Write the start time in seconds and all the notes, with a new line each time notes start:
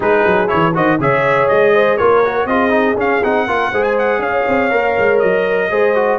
0.00 G#3 D#4 G#4 B4
0.26 F#3
0.47 E3 E4 C#5
0.74 D#3 F#4 C5 D#5
0.99 C#3 G#4 C#5 E5
1.48 G#3 D#5
1.74 C5
1.97 A#3 F4 A#4 C#5
2.24 F#4
2.45 C4 F4 G#4 D#5
2.70 D#4
2.95 C#4 F5
3.23 C4 D#4 F#5
3.47 A#3 F4 A#4
3.70 G#3 G#4 C5
3.83 G#5
3.98 F#5
4.18 C#4 C#5 F5
4.47 C4
4.70 A#3 A#4
4.98 G#3
5.19 F#3 D#5
5.70 G#3 G#4 C5
5.95 F#4